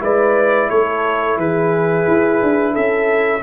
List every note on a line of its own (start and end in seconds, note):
0.00 0.70 G#3
0.00 3.41 E4
0.00 0.70 B4
0.00 0.70 D5
0.70 1.37 A3
0.70 1.39 A4
0.70 1.38 C#5
1.37 2.06 E3
1.37 2.73 G#4
1.37 2.76 B4
2.08 2.42 E4
2.43 2.77 D4
2.73 3.43 C#4
2.73 3.41 A4
2.73 3.43 E5